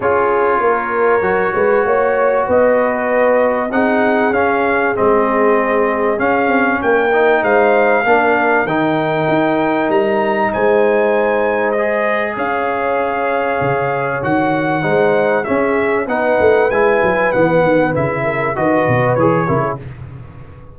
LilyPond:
<<
  \new Staff \with { instrumentName = "trumpet" } { \time 4/4 \tempo 4 = 97 cis''1 | dis''2 fis''4 f''4 | dis''2 f''4 g''4 | f''2 g''2 |
ais''4 gis''2 dis''4 | f''2. fis''4~ | fis''4 e''4 fis''4 gis''4 | fis''4 e''4 dis''4 cis''4 | }
  \new Staff \with { instrumentName = "horn" } { \time 4/4 gis'4 ais'4. b'8 cis''4 | b'2 gis'2~ | gis'2. ais'4 | c''4 ais'2.~ |
ais'4 c''2. | cis''1 | c''4 gis'4 b'2~ | b'4. ais'8 b'4. ais'16 gis'16 | }
  \new Staff \with { instrumentName = "trombone" } { \time 4/4 f'2 fis'2~ | fis'2 dis'4 cis'4 | c'2 cis'4. dis'8~ | dis'4 d'4 dis'2~ |
dis'2. gis'4~ | gis'2. fis'4 | dis'4 cis'4 dis'4 e'4 | b4 e'4 fis'4 gis'8 e'8 | }
  \new Staff \with { instrumentName = "tuba" } { \time 4/4 cis'4 ais4 fis8 gis8 ais4 | b2 c'4 cis'4 | gis2 cis'8 c'8 ais4 | gis4 ais4 dis4 dis'4 |
g4 gis2. | cis'2 cis4 dis4 | gis4 cis'4 b8 a8 gis8 fis8 | e8 dis8 cis4 dis8 b,8 e8 cis8 | }
>>